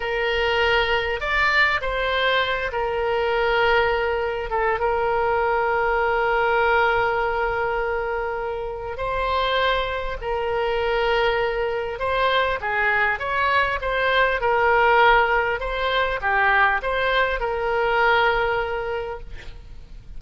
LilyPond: \new Staff \with { instrumentName = "oboe" } { \time 4/4 \tempo 4 = 100 ais'2 d''4 c''4~ | c''8 ais'2. a'8 | ais'1~ | ais'2. c''4~ |
c''4 ais'2. | c''4 gis'4 cis''4 c''4 | ais'2 c''4 g'4 | c''4 ais'2. | }